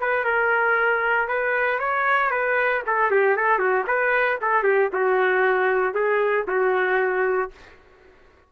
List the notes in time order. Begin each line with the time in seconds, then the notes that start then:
0.00 B4
0.24 A#4
1.27 B4
1.79 C#5
2.31 B4
2.86 A4
3.11 G4
3.36 A4
3.59 F#4
3.87 B4
4.41 A4
4.63 G4
4.92 F#4
5.94 G#4
6.47 F#4